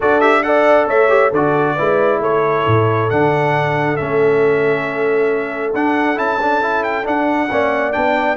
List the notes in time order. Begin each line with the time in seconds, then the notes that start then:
0.00 D4 F#4 A4 D5
0.20 G4 E5
0.42 A4 D5 F#5
0.87 A3 C#5 E5
1.08 G4
1.30 D3 F#4 A4 D5
1.75 G#3 E4 B4
2.20 A3 A4 C#5
2.66 A2
3.10 D3 D4 F#5
3.96 A3 C#4 E5
5.74 D4 F#5
6.15 C#4 E4 A5
6.41 D4
6.61 E4
6.83 G5
7.04 D4 F#5
7.51 A#3 C#4 D5
7.92 B3 D4 G5